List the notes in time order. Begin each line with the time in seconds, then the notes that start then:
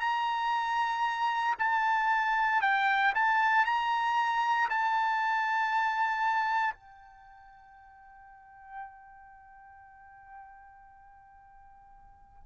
0.00 A#5
1.59 A5
2.61 G5
3.15 A5
3.65 A#5
4.70 A5
6.74 G5